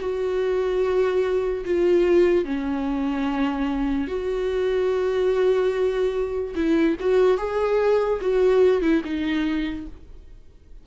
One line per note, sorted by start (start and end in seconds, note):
0.00 1.64 F#4
1.65 2.45 F4
2.45 4.08 C#4
4.08 6.54 F#4
6.55 6.96 E4
7.00 7.37 F#4
7.37 8.20 G#4
8.21 8.81 F#4
8.81 9.02 E4
9.04 9.86 D#4